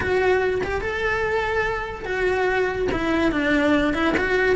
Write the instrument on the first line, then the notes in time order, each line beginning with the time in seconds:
cello
0.00 F#4
0.63 G4
0.81 A4
2.05 F#4
2.92 E4
3.31 D4
3.93 E4
4.17 F#4